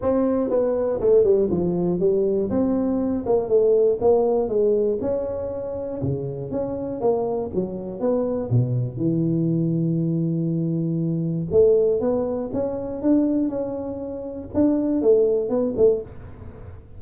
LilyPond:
\new Staff \with { instrumentName = "tuba" } { \time 4/4 \tempo 4 = 120 c'4 b4 a8 g8 f4 | g4 c'4. ais8 a4 | ais4 gis4 cis'2 | cis4 cis'4 ais4 fis4 |
b4 b,4 e2~ | e2. a4 | b4 cis'4 d'4 cis'4~ | cis'4 d'4 a4 b8 a8 | }